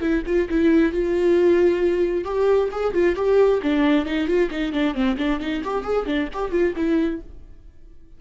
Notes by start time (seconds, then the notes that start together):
0.00 E4
0.26 F4
0.49 E4
0.92 F4
2.24 G4
2.71 G#4
2.93 F4
3.15 G4
3.62 D4
4.05 D#4
4.27 F4
4.51 D#4
4.72 D4
4.94 C4
5.17 D4
5.40 D#4
5.64 G4
5.83 G#4
6.05 D4
6.33 G4
6.51 F4
6.76 E4